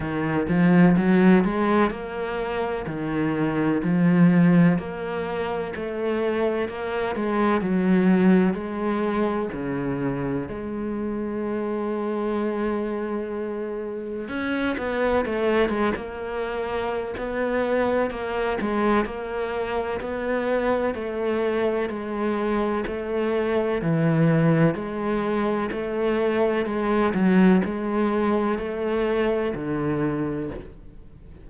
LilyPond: \new Staff \with { instrumentName = "cello" } { \time 4/4 \tempo 4 = 63 dis8 f8 fis8 gis8 ais4 dis4 | f4 ais4 a4 ais8 gis8 | fis4 gis4 cis4 gis4~ | gis2. cis'8 b8 |
a8 gis16 ais4~ ais16 b4 ais8 gis8 | ais4 b4 a4 gis4 | a4 e4 gis4 a4 | gis8 fis8 gis4 a4 d4 | }